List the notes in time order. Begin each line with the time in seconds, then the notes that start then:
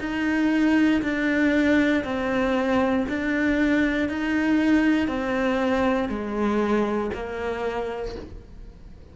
0.00 D#4
1.02 D4
2.04 C4
3.09 D4
4.09 D#4
5.08 C4
6.09 G#3
7.14 A#3